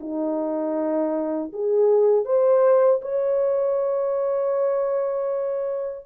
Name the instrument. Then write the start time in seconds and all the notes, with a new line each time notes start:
horn
0.00 D#4
1.53 G#4
2.25 C5
3.02 C#5